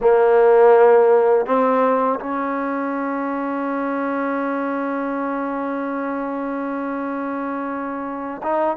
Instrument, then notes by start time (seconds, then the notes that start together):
trombone
0.00 A#3
1.46 C4
2.19 C#4
8.42 D#4